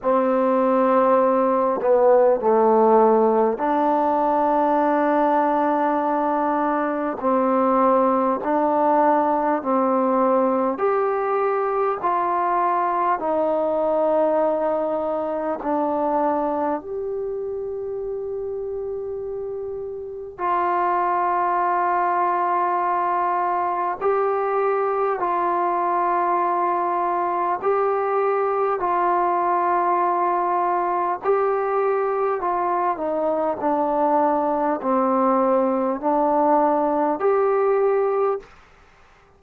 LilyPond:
\new Staff \with { instrumentName = "trombone" } { \time 4/4 \tempo 4 = 50 c'4. b8 a4 d'4~ | d'2 c'4 d'4 | c'4 g'4 f'4 dis'4~ | dis'4 d'4 g'2~ |
g'4 f'2. | g'4 f'2 g'4 | f'2 g'4 f'8 dis'8 | d'4 c'4 d'4 g'4 | }